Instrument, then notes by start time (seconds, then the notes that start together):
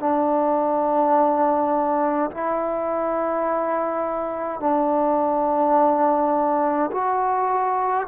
trombone
0.00 D4
2.31 E4
4.60 D4
6.92 F#4